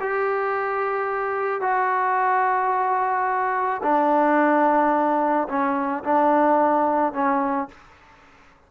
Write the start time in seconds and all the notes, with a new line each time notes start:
0.00 G4
1.61 F#4
3.82 D4
5.48 C#4
6.04 D4
7.13 C#4